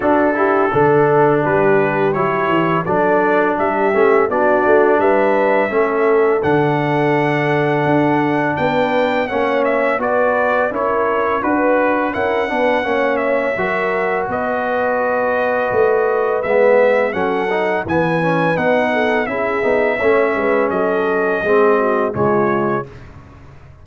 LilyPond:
<<
  \new Staff \with { instrumentName = "trumpet" } { \time 4/4 \tempo 4 = 84 a'2 b'4 cis''4 | d''4 e''4 d''4 e''4~ | e''4 fis''2. | g''4 fis''8 e''8 d''4 cis''4 |
b'4 fis''4. e''4. | dis''2. e''4 | fis''4 gis''4 fis''4 e''4~ | e''4 dis''2 cis''4 | }
  \new Staff \with { instrumentName = "horn" } { \time 4/4 fis'8 g'8 a'4 g'2 | a'4 g'4 fis'4 b'4 | a'1 | b'4 cis''4 b'4 ais'4 |
b'4 ais'8 b'8 cis''4 ais'4 | b'1 | a'4 b'4. a'8 gis'4 | cis''8 b'8 a'4 gis'8 fis'8 f'4 | }
  \new Staff \with { instrumentName = "trombone" } { \time 4/4 d'8 e'8 d'2 e'4 | d'4. cis'8 d'2 | cis'4 d'2.~ | d'4 cis'4 fis'4 e'4 |
fis'4 e'8 d'8 cis'4 fis'4~ | fis'2. b4 | cis'8 dis'8 b8 cis'8 dis'4 e'8 dis'8 | cis'2 c'4 gis4 | }
  \new Staff \with { instrumentName = "tuba" } { \time 4/4 d'4 d4 g4 fis8 e8 | fis4 g8 a8 b8 a8 g4 | a4 d2 d'4 | b4 ais4 b4 cis'4 |
d'4 cis'8 b8 ais4 fis4 | b2 a4 gis4 | fis4 e4 b4 cis'8 b8 | a8 gis8 fis4 gis4 cis4 | }
>>